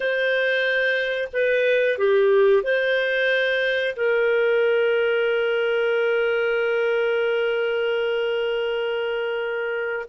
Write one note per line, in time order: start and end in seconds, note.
0.00 1.28 C5
1.32 1.98 B4
1.98 2.63 G4
2.63 3.95 C5
3.96 10.05 A#4